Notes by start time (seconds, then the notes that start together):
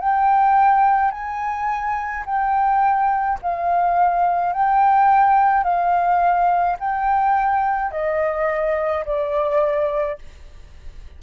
0.00 G5
1.11 G#5
2.26 G5
3.42 F5
4.53 G5
5.64 F5
6.80 G5
7.91 D#5
9.06 D5